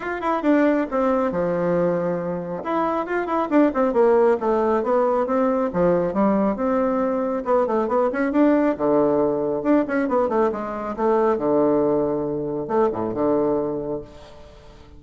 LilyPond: \new Staff \with { instrumentName = "bassoon" } { \time 4/4 \tempo 4 = 137 f'8 e'8 d'4 c'4 f4~ | f2 e'4 f'8 e'8 | d'8 c'8 ais4 a4 b4 | c'4 f4 g4 c'4~ |
c'4 b8 a8 b8 cis'8 d'4 | d2 d'8 cis'8 b8 a8 | gis4 a4 d2~ | d4 a8 a,8 d2 | }